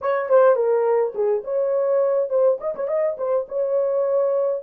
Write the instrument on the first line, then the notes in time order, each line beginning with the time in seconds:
horn
0.01 C#5
0.29 C5
0.55 A#4
1.15 G#4
1.44 C#5
2.29 C5
2.60 D#5
2.75 C#5
2.87 D#5
3.17 C5
3.48 C#5